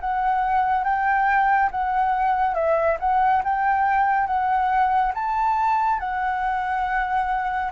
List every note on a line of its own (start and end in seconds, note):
0.00 0.83 F#5
0.83 1.69 G5
1.71 2.54 F#5
2.54 2.97 E5
2.99 3.42 F#5
3.44 4.26 G5
4.26 5.12 F#5
5.14 5.99 A5
5.99 7.71 F#5